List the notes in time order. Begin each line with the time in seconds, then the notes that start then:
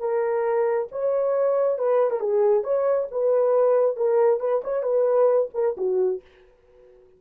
0.00 A#4
0.92 C#5
1.79 B4
2.11 A#4
2.20 G#4
2.64 C#5
3.12 B4
3.97 A#4
4.40 B4
4.64 C#5
4.83 B4
5.54 A#4
5.78 F#4